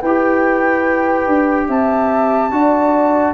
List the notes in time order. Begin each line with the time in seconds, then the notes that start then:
0.00 E4 B4 G5
0.06 G4
1.28 D4
1.69 C4 E5 A5
2.51 D4 F#4 D5